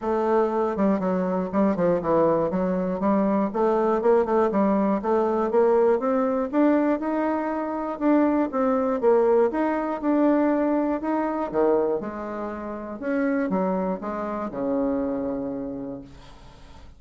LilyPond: \new Staff \with { instrumentName = "bassoon" } { \time 4/4 \tempo 4 = 120 a4. g8 fis4 g8 f8 | e4 fis4 g4 a4 | ais8 a8 g4 a4 ais4 | c'4 d'4 dis'2 |
d'4 c'4 ais4 dis'4 | d'2 dis'4 dis4 | gis2 cis'4 fis4 | gis4 cis2. | }